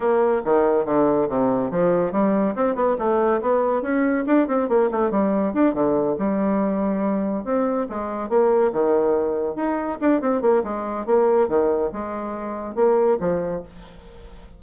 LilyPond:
\new Staff \with { instrumentName = "bassoon" } { \time 4/4 \tempo 4 = 141 ais4 dis4 d4 c4 | f4 g4 c'8 b8 a4 | b4 cis'4 d'8 c'8 ais8 a8 | g4 d'8 d4 g4.~ |
g4. c'4 gis4 ais8~ | ais8 dis2 dis'4 d'8 | c'8 ais8 gis4 ais4 dis4 | gis2 ais4 f4 | }